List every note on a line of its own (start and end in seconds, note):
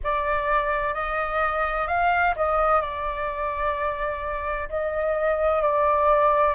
0.03 0.94 D5
0.94 1.87 D#5
1.87 2.34 F5
2.36 2.81 D#5
2.81 4.68 D5
4.69 5.62 D#5
5.62 6.54 D5